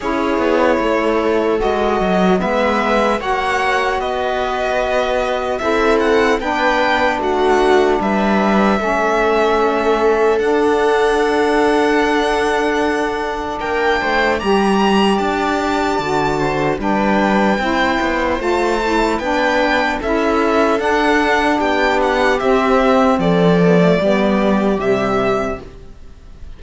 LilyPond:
<<
  \new Staff \with { instrumentName = "violin" } { \time 4/4 \tempo 4 = 75 cis''2 dis''4 e''4 | fis''4 dis''2 e''8 fis''8 | g''4 fis''4 e''2~ | e''4 fis''2.~ |
fis''4 g''4 ais''4 a''4~ | a''4 g''2 a''4 | g''4 e''4 fis''4 g''8 fis''8 | e''4 d''2 e''4 | }
  \new Staff \with { instrumentName = "viola" } { \time 4/4 gis'4 a'2 b'4 | cis''4 b'2 a'4 | b'4 fis'4 b'4 a'4~ | a'1~ |
a'4 ais'8 c''8 d''2~ | d''8 c''8 b'4 c''2 | b'4 a'2 g'4~ | g'4 a'4 g'2 | }
  \new Staff \with { instrumentName = "saxophone" } { \time 4/4 e'2 fis'4 b4 | fis'2. e'4 | d'2. cis'4~ | cis'4 d'2.~ |
d'2 g'2 | fis'4 d'4 e'4 f'8 e'8 | d'4 e'4 d'2 | c'4. b16 a16 b4 g4 | }
  \new Staff \with { instrumentName = "cello" } { \time 4/4 cis'8 b8 a4 gis8 fis8 gis4 | ais4 b2 c'4 | b4 a4 g4 a4~ | a4 d'2.~ |
d'4 ais8 a8 g4 d'4 | d4 g4 c'8 b8 a4 | b4 cis'4 d'4 b4 | c'4 f4 g4 c4 | }
>>